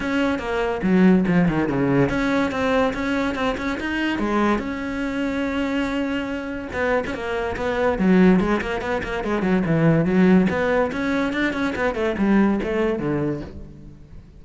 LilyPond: \new Staff \with { instrumentName = "cello" } { \time 4/4 \tempo 4 = 143 cis'4 ais4 fis4 f8 dis8 | cis4 cis'4 c'4 cis'4 | c'8 cis'8 dis'4 gis4 cis'4~ | cis'1 |
b8. cis'16 ais4 b4 fis4 | gis8 ais8 b8 ais8 gis8 fis8 e4 | fis4 b4 cis'4 d'8 cis'8 | b8 a8 g4 a4 d4 | }